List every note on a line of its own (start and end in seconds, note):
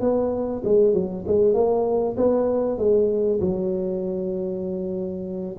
0.00 0.62 B3
0.64 0.93 G#3
0.93 1.24 F#3
1.27 1.54 G#3
1.54 2.15 A#3
2.16 2.78 B3
2.78 3.40 G#3
3.40 5.56 F#3